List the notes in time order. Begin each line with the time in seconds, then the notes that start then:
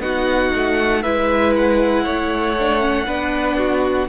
0.00 B3 D#4 F#4 F#5
0.55 A3
1.03 G#3 E4 B4 E5
1.56 F#5
2.04 A3 C#5
2.59 D4
2.81 C#4
3.07 B3 D4 B4
3.58 F#4